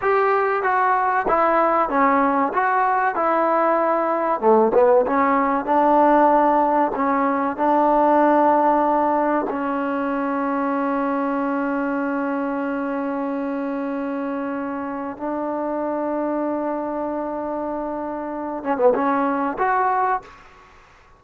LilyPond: \new Staff \with { instrumentName = "trombone" } { \time 4/4 \tempo 4 = 95 g'4 fis'4 e'4 cis'4 | fis'4 e'2 a8 b8 | cis'4 d'2 cis'4 | d'2. cis'4~ |
cis'1~ | cis'1 | d'1~ | d'4. cis'16 b16 cis'4 fis'4 | }